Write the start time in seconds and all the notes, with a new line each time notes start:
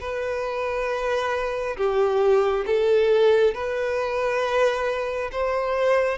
0.00 B4
1.77 G4
2.66 A4
3.54 B4
5.31 C5